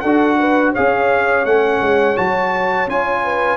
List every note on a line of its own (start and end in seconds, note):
0.00 0.75 D4
0.00 0.76 F#4
0.00 0.37 A4
0.00 0.71 F#5
0.38 0.72 B4
0.72 1.46 G#4
0.72 3.22 C#5
0.72 1.45 F5
0.78 1.45 C#4
1.45 1.81 A3
1.45 2.16 C#4
1.45 2.17 F#5
1.82 2.17 G#3
2.16 2.87 F#3
2.16 2.87 F#4
2.16 2.88 A5
2.87 3.57 C#4
2.87 3.57 F4
2.87 3.57 G#5
3.24 3.57 B4